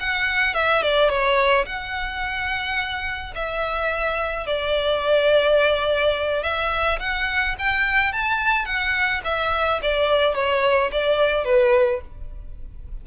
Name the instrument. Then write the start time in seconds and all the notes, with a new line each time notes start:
violin
0.00 F#5
0.54 E5
0.82 D5
1.10 C#5
1.66 F#5
3.35 E5
4.47 D5
6.43 E5
7.00 F#5
7.59 G5
8.13 A5
8.65 F#5
9.24 E5
9.82 D5
10.35 C#5
10.92 D5
11.45 B4